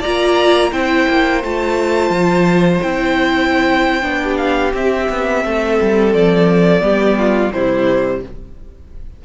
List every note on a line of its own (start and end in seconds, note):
0.00 0.72 A#3
0.00 0.72 F4
0.00 0.70 D5
0.00 0.72 A#5
0.71 1.07 C4
0.71 1.42 E4
0.71 4.20 C5
0.71 1.42 G5
1.09 1.43 A#3
1.43 2.10 A3
1.43 2.82 F4
1.43 2.82 A5
2.10 2.80 F3
2.82 4.02 C4
2.82 4.02 E4
2.82 4.37 G5
4.02 4.72 B3
4.02 4.72 D4
4.23 5.44 G4
4.37 4.72 F5
4.73 5.08 C4
4.73 6.81 C4
4.73 6.14 E5
5.10 5.44 B3
5.44 5.79 A3
5.44 6.84 A4
5.81 6.15 G3
6.14 6.81 F3
6.14 7.52 D5
6.81 7.51 G3
6.81 7.51 B3
6.81 7.18 G4
7.18 7.53 F4
7.52 8.23 C3
7.52 8.25 G3
7.52 8.23 E4
7.52 8.22 C5